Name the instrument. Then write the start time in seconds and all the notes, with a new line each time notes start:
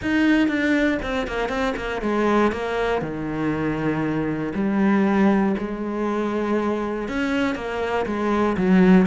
cello
0.02 D#4
0.48 D4
1.02 C4
1.27 A#3
1.49 C4
1.76 A#3
2.01 G#3
2.52 A#3
3.01 D#3
4.54 G3
5.58 G#3
7.08 C#4
7.55 A#3
8.05 G#3
8.57 F#3